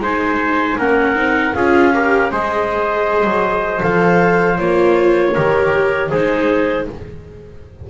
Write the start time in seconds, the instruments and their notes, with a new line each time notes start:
0.00 double bass G#3, viola D#4, trumpet C5, clarinet G#5
0.78 double bass A#3, viola C#4, trumpet A#4, clarinet F#5
1.15 double bass C4, viola D#4
1.55 double bass C#4, viola F4, trumpet G#4, clarinet F5
1.94 viola G4, trumpet A#4
2.31 double bass G#3, viola G#4, trumpet C5, clarinet D#5
3.24 double bass F#3
3.80 double bass F3, viola A4, clarinet F5
4.58 double bass A#3, viola F4, clarinet C#5
5.34 double bass D#3, viola G4, trumpet A#4
6.10 double bass G#3, viola D#4, trumpet G#4, clarinet C5